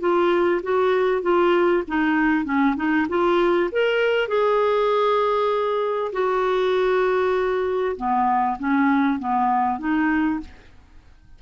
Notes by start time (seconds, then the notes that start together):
0.00 F4
0.62 F#4
1.22 F4
1.87 D#4
2.45 C#4
2.76 D#4
3.09 F4
3.71 A#4
4.28 G#4
6.12 F#4
7.96 B3
8.59 C#4
9.19 B3
9.78 D#4